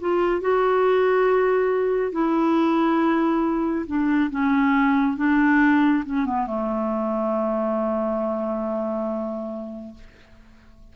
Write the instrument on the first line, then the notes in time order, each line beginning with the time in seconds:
clarinet
0.00 F4
0.41 F#4
2.11 E4
3.87 D4
4.30 C#4
5.17 D4
6.05 C#4
6.26 B3
6.46 A3